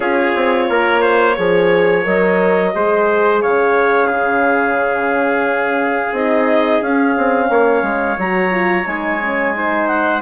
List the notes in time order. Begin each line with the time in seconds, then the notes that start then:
0.00 C#4 F4 G#4 C#5
0.35 C4
0.69 A#3 A#4
1.01 C5
1.36 F3 G#4 C#5
2.04 F#3 A#4 D#5
2.74 G#3 G#4 C5
3.42 C#3 C#5 F5
4.06 C#4 G#4
6.12 C4 D#4 D#5
6.81 C#4 F5
7.17 C4
7.49 A#3 C#5
7.82 G#3
8.17 F#3 F#4 A#5
8.51 F4
8.86 G#3 D#4 G#5
9.20 C#4
9.54 D#4 C5
9.87 F#5